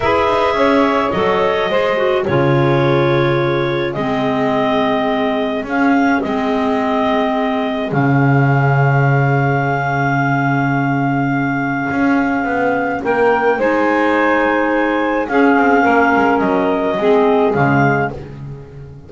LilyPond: <<
  \new Staff \with { instrumentName = "clarinet" } { \time 4/4 \tempo 4 = 106 e''2 dis''2 | cis''2. dis''4~ | dis''2 f''4 dis''4~ | dis''2 f''2~ |
f''1~ | f''2. g''4 | gis''2. f''4~ | f''4 dis''2 f''4 | }
  \new Staff \with { instrumentName = "saxophone" } { \time 4/4 b'4 cis''2 c''4 | gis'1~ | gis'1~ | gis'1~ |
gis'1~ | gis'2. ais'4 | c''2. gis'4 | ais'2 gis'2 | }
  \new Staff \with { instrumentName = "clarinet" } { \time 4/4 gis'2 a'4 gis'8 fis'8 | f'2. c'4~ | c'2 cis'4 c'4~ | c'2 cis'2~ |
cis'1~ | cis'1 | dis'2. cis'4~ | cis'2 c'4 gis4 | }
  \new Staff \with { instrumentName = "double bass" } { \time 4/4 e'8 dis'8 cis'4 fis4 gis4 | cis2. gis4~ | gis2 cis'4 gis4~ | gis2 cis2~ |
cis1~ | cis4 cis'4 b4 ais4 | gis2. cis'8 c'8 | ais8 gis8 fis4 gis4 cis4 | }
>>